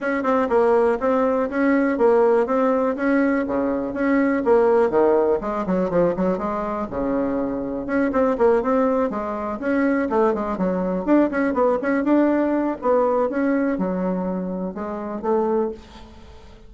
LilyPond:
\new Staff \with { instrumentName = "bassoon" } { \time 4/4 \tempo 4 = 122 cis'8 c'8 ais4 c'4 cis'4 | ais4 c'4 cis'4 cis4 | cis'4 ais4 dis4 gis8 fis8 | f8 fis8 gis4 cis2 |
cis'8 c'8 ais8 c'4 gis4 cis'8~ | cis'8 a8 gis8 fis4 d'8 cis'8 b8 | cis'8 d'4. b4 cis'4 | fis2 gis4 a4 | }